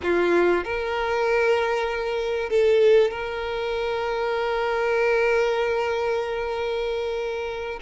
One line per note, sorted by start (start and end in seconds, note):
0.02 0.64 F4
0.64 2.49 A#4
2.49 3.11 A4
3.11 7.79 A#4